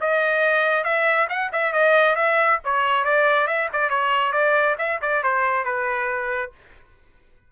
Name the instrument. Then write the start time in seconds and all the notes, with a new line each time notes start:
trumpet
0.00 D#5
0.84 E5
1.29 F#5
1.52 E5
1.73 D#5
2.15 E5
2.64 C#5
3.04 D5
3.47 E5
3.73 D5
3.89 C#5
4.32 D5
4.78 E5
5.01 D5
5.23 C5
5.64 B4